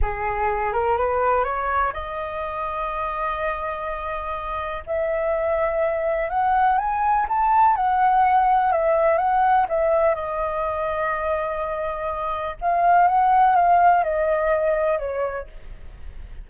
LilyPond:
\new Staff \with { instrumentName = "flute" } { \time 4/4 \tempo 4 = 124 gis'4. ais'8 b'4 cis''4 | dis''1~ | dis''2 e''2~ | e''4 fis''4 gis''4 a''4 |
fis''2 e''4 fis''4 | e''4 dis''2.~ | dis''2 f''4 fis''4 | f''4 dis''2 cis''4 | }